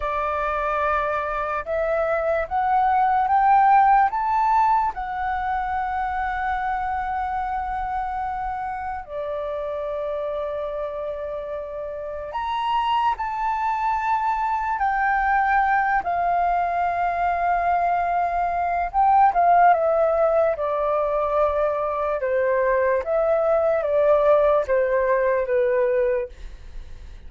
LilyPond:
\new Staff \with { instrumentName = "flute" } { \time 4/4 \tempo 4 = 73 d''2 e''4 fis''4 | g''4 a''4 fis''2~ | fis''2. d''4~ | d''2. ais''4 |
a''2 g''4. f''8~ | f''2. g''8 f''8 | e''4 d''2 c''4 | e''4 d''4 c''4 b'4 | }